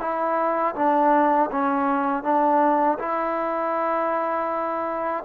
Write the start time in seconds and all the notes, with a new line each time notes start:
0.00 E4
0.75 D4
1.51 C#4
2.23 D4
2.99 E4